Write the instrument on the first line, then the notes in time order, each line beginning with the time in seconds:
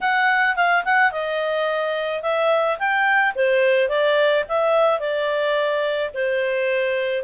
clarinet
0.01 F#5
0.56 F5
0.85 F#5
1.11 D#5
2.22 E5
2.78 G5
3.35 C5
3.89 D5
4.48 E5
4.99 D5
6.14 C5